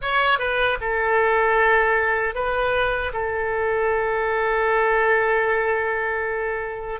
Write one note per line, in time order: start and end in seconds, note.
0.01 0.38 C#5
0.38 0.77 B4
0.80 2.34 A4
2.34 3.12 B4
3.13 7.00 A4